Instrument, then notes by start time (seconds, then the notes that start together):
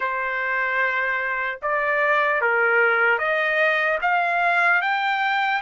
trumpet
0.00 C5
1.61 D5
2.41 A#4
3.18 D#5
4.01 F5
4.81 G5